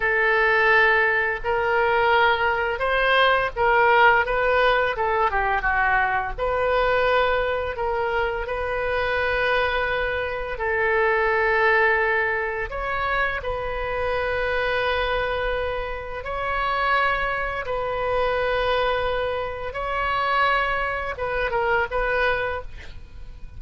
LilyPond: \new Staff \with { instrumentName = "oboe" } { \time 4/4 \tempo 4 = 85 a'2 ais'2 | c''4 ais'4 b'4 a'8 g'8 | fis'4 b'2 ais'4 | b'2. a'4~ |
a'2 cis''4 b'4~ | b'2. cis''4~ | cis''4 b'2. | cis''2 b'8 ais'8 b'4 | }